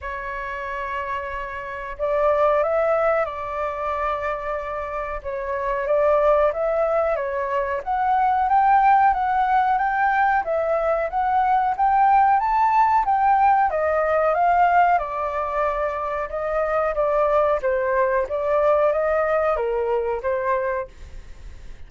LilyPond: \new Staff \with { instrumentName = "flute" } { \time 4/4 \tempo 4 = 92 cis''2. d''4 | e''4 d''2. | cis''4 d''4 e''4 cis''4 | fis''4 g''4 fis''4 g''4 |
e''4 fis''4 g''4 a''4 | g''4 dis''4 f''4 d''4~ | d''4 dis''4 d''4 c''4 | d''4 dis''4 ais'4 c''4 | }